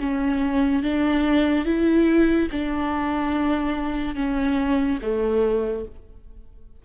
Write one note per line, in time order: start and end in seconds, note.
0.00 0.83 C#4
0.83 1.66 D4
1.66 2.49 E4
2.52 4.16 D4
4.16 4.99 C#4
5.02 5.85 A3